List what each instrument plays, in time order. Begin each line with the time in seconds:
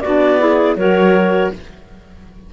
0.00 cello B3, saxophone D4, clarinet F#4 D5
0.39 saxophone E4, clarinet G#4
0.75 cello F#3, saxophone F#4, clarinet A#4 C#5